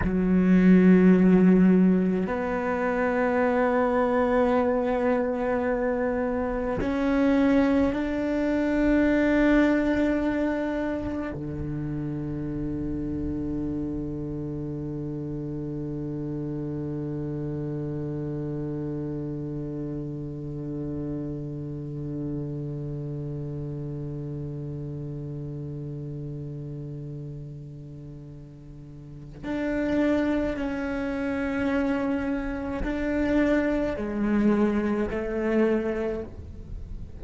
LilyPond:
\new Staff \with { instrumentName = "cello" } { \time 4/4 \tempo 4 = 53 fis2 b2~ | b2 cis'4 d'4~ | d'2 d2~ | d1~ |
d1~ | d1~ | d2 d'4 cis'4~ | cis'4 d'4 gis4 a4 | }